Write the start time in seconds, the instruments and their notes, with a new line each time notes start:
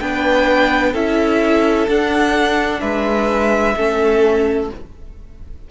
0.00 cello B3, viola D4, violin B4 G5
0.92 cello C#4, viola E4, violin A4 E5
1.88 cello D4, viola D4, violin F#5
2.80 cello G#3, violin B4 E5
3.76 cello A3, viola C#4, violin A4